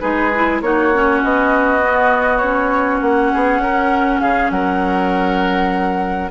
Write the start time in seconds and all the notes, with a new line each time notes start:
0.00 G#3 D#4 G#4 B4
0.35 E4
0.61 A#3 D#4 F#4 C#5
0.94 C#4
1.23 B3 D#5
1.81 B3
2.38 C#4 C#5
3.01 A#3 F#5
3.33 B3 G#4
3.58 C#4 A#4
4.20 C#3 G#4 F5
4.50 F#3 A#4 F#5